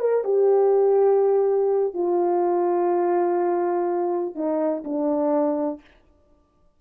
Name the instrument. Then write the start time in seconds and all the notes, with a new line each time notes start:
horn
0.00 A#4
0.24 G4
1.94 F4
4.35 D#4
4.84 D4